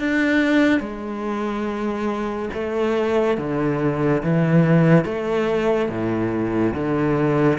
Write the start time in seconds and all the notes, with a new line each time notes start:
0.00 D4
0.81 G#3
2.54 A3
3.38 D3
4.24 E3
5.05 A3
5.90 A2
6.74 D3